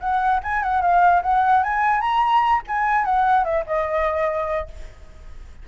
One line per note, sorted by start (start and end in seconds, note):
0.00 0.41 F#5
0.43 0.63 G#5
0.63 0.82 F#5
0.82 1.22 F5
1.23 1.63 F#5
1.64 2.01 G#5
2.01 2.62 A#5
2.68 3.05 G#5
3.05 3.44 F#5
3.44 3.65 E5
3.67 4.68 D#5